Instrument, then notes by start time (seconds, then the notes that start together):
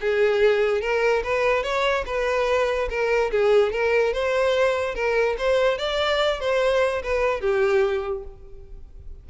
violin
0.00 G#4
0.81 A#4
1.24 B4
1.63 C#5
2.06 B4
2.89 A#4
3.31 G#4
3.72 A#4
4.13 C5
4.94 A#4
5.38 C5
5.78 D5
6.40 C5
7.03 B4
7.41 G4